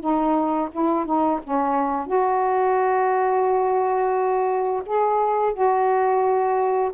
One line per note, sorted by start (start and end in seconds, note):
0.00 0.69 D#4
0.72 1.05 E4
1.05 1.40 D#4
1.43 2.07 C#4
2.07 4.82 F#4
4.86 5.54 G#4
5.54 6.92 F#4